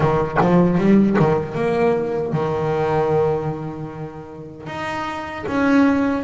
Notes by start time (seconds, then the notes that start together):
0.00 D#3
0.41 F3
0.78 G3
1.19 D#3
1.54 A#3
2.32 D#3
4.66 D#4
5.47 C#4